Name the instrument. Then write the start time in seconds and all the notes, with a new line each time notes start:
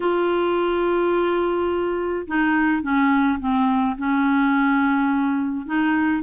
clarinet
0.00 F4
2.27 D#4
2.82 C#4
3.39 C4
3.98 C#4
5.66 D#4